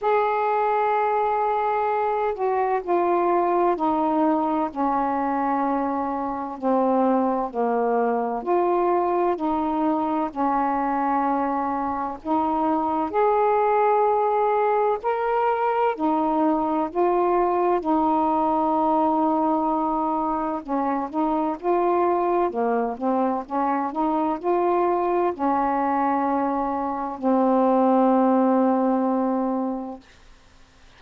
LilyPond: \new Staff \with { instrumentName = "saxophone" } { \time 4/4 \tempo 4 = 64 gis'2~ gis'8 fis'8 f'4 | dis'4 cis'2 c'4 | ais4 f'4 dis'4 cis'4~ | cis'4 dis'4 gis'2 |
ais'4 dis'4 f'4 dis'4~ | dis'2 cis'8 dis'8 f'4 | ais8 c'8 cis'8 dis'8 f'4 cis'4~ | cis'4 c'2. | }